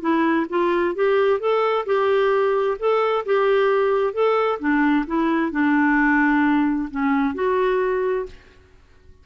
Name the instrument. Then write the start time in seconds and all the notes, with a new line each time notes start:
clarinet
0.00 E4
0.49 F4
0.95 G4
1.39 A4
1.85 G4
2.79 A4
3.25 G4
4.13 A4
4.59 D4
5.06 E4
5.51 D4
6.90 C#4
7.34 F#4